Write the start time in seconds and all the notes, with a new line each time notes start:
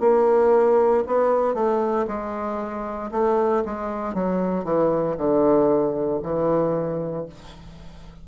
0.00 A#3
1.07 B3
1.54 A3
2.07 G#3
3.11 A3
3.65 G#3
4.14 F#3
4.64 E3
5.17 D3
6.22 E3